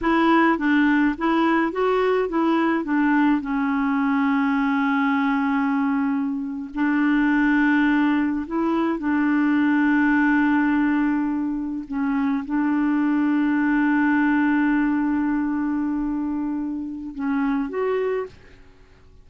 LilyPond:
\new Staff \with { instrumentName = "clarinet" } { \time 4/4 \tempo 4 = 105 e'4 d'4 e'4 fis'4 | e'4 d'4 cis'2~ | cis'2.~ cis'8. d'16~ | d'2~ d'8. e'4 d'16~ |
d'1~ | d'8. cis'4 d'2~ d'16~ | d'1~ | d'2 cis'4 fis'4 | }